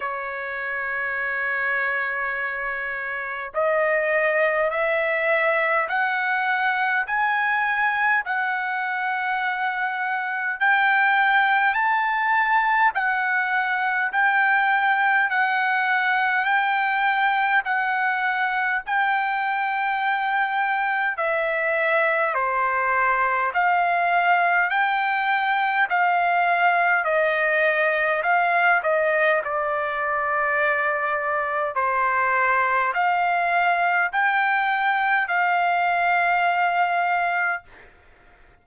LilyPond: \new Staff \with { instrumentName = "trumpet" } { \time 4/4 \tempo 4 = 51 cis''2. dis''4 | e''4 fis''4 gis''4 fis''4~ | fis''4 g''4 a''4 fis''4 | g''4 fis''4 g''4 fis''4 |
g''2 e''4 c''4 | f''4 g''4 f''4 dis''4 | f''8 dis''8 d''2 c''4 | f''4 g''4 f''2 | }